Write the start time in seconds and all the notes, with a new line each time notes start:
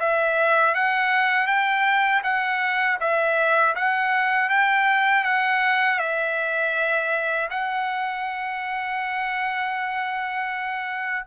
0.00 E5
0.75 F#5
1.47 G5
2.24 F#5
3.00 E5
3.76 F#5
4.50 G5
5.25 F#5
5.99 E5
7.51 F#5